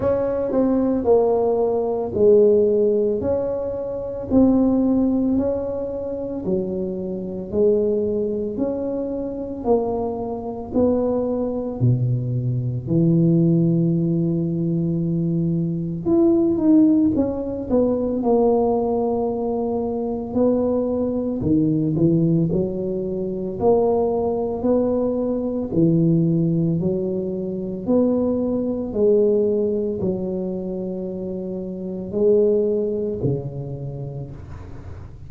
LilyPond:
\new Staff \with { instrumentName = "tuba" } { \time 4/4 \tempo 4 = 56 cis'8 c'8 ais4 gis4 cis'4 | c'4 cis'4 fis4 gis4 | cis'4 ais4 b4 b,4 | e2. e'8 dis'8 |
cis'8 b8 ais2 b4 | dis8 e8 fis4 ais4 b4 | e4 fis4 b4 gis4 | fis2 gis4 cis4 | }